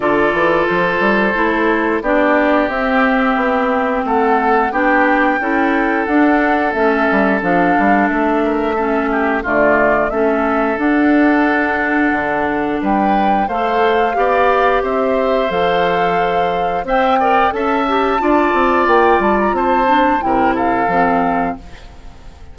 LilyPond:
<<
  \new Staff \with { instrumentName = "flute" } { \time 4/4 \tempo 4 = 89 d''4 c''2 d''4 | e''2 fis''4 g''4~ | g''4 fis''4 e''4 f''4 | e''2 d''4 e''4 |
fis''2. g''4 | f''2 e''4 f''4~ | f''4 g''4 a''2 | g''8 a''16 ais''16 a''4 g''8 f''4. | }
  \new Staff \with { instrumentName = "oboe" } { \time 4/4 a'2. g'4~ | g'2 a'4 g'4 | a'1~ | a'8 ais'8 a'8 g'8 f'4 a'4~ |
a'2. b'4 | c''4 d''4 c''2~ | c''4 e''8 d''8 e''4 d''4~ | d''4 c''4 ais'8 a'4. | }
  \new Staff \with { instrumentName = "clarinet" } { \time 4/4 f'2 e'4 d'4 | c'2. d'4 | e'4 d'4 cis'4 d'4~ | d'4 cis'4 a4 cis'4 |
d'1 | a'4 g'2 a'4~ | a'4 c''8 ais'8 a'8 g'8 f'4~ | f'4. d'8 e'4 c'4 | }
  \new Staff \with { instrumentName = "bassoon" } { \time 4/4 d8 e8 f8 g8 a4 b4 | c'4 b4 a4 b4 | cis'4 d'4 a8 g8 f8 g8 | a2 d4 a4 |
d'2 d4 g4 | a4 b4 c'4 f4~ | f4 c'4 cis'4 d'8 c'8 | ais8 g8 c'4 c4 f4 | }
>>